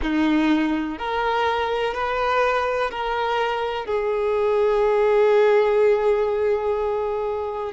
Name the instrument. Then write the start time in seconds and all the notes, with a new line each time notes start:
violin
0.02 D#4
0.98 A#4
1.94 B4
2.90 A#4
3.85 G#4